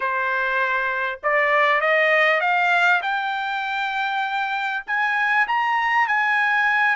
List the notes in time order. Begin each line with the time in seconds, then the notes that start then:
0.00 C5
1.23 D5
1.80 D#5
2.40 F5
3.02 G5
4.87 G#5
5.47 A#5
6.07 G#5